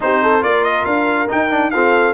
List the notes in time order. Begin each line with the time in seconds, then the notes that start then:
0.00 C4 D#4 G4 C5
0.22 A4
0.40 A#3 F4 A#4 D5
0.64 D#5
0.85 D4 F5
1.29 D#4 G5
1.50 D4
1.71 C4 F4 A4 F5